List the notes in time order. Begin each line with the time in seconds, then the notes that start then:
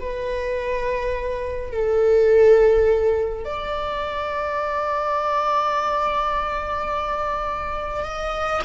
0.00 B4
1.72 A4
3.45 D5
8.04 D#5